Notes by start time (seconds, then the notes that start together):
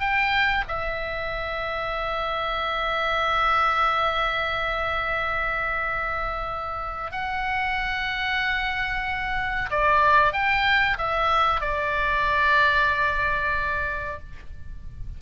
0.00 G5
0.68 E5
7.12 F#5
9.71 D5
10.33 G5
10.98 E5
11.61 D5